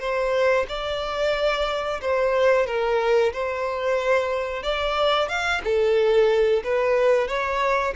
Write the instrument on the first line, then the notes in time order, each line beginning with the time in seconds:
violin
0.00 C5
0.69 D5
2.01 C5
2.67 A#4
3.33 C5
4.63 D5
5.29 F5
5.64 A4
6.64 B4
7.28 C#5